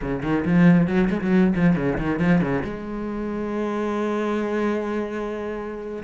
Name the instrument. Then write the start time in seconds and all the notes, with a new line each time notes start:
cello
0.01 C#3
0.22 D#3
0.45 F3
0.87 F#3
1.09 G#3
1.21 F#3
1.55 F3
1.75 C#3
1.97 D#3
2.19 F3
2.41 C#3
2.64 G#3